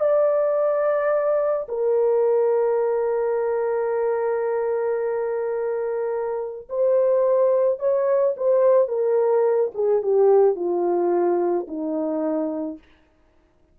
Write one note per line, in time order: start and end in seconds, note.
0.00 1.67 D5
1.68 6.68 A#4
6.69 7.79 C5
7.79 8.35 C#5
8.37 8.88 C5
8.88 9.71 A#4
9.74 10.02 G#4
10.03 10.56 G4
10.56 11.67 F4
11.67 12.78 D#4